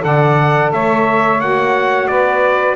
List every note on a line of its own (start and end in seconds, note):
0.00 0.72 D3
0.00 1.36 A4
0.00 0.72 D5
0.00 0.72 F#5
0.72 1.39 A3
0.72 2.08 C#5
0.72 1.40 E5
1.39 2.07 A#3
1.39 2.76 F#4
1.39 2.07 F#5
2.07 2.76 B3
2.07 2.76 B4
2.07 2.75 D5